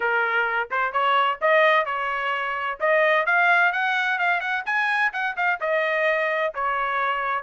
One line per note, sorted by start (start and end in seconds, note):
0.00 0.68 A#4
0.70 0.92 C5
0.92 1.38 C#5
1.41 1.85 D#5
1.85 2.78 C#5
2.80 3.26 D#5
3.26 3.72 F5
3.72 4.18 F#5
4.18 4.40 F5
4.40 4.63 F#5
4.65 5.12 G#5
5.12 5.36 F#5
5.36 5.59 F5
5.60 6.53 D#5
6.54 7.43 C#5